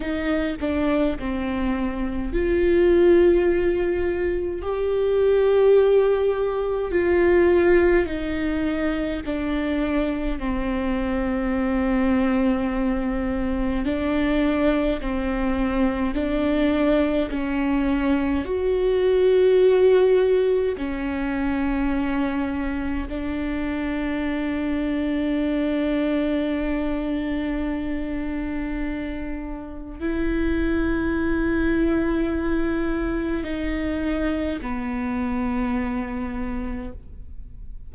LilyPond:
\new Staff \with { instrumentName = "viola" } { \time 4/4 \tempo 4 = 52 dis'8 d'8 c'4 f'2 | g'2 f'4 dis'4 | d'4 c'2. | d'4 c'4 d'4 cis'4 |
fis'2 cis'2 | d'1~ | d'2 e'2~ | e'4 dis'4 b2 | }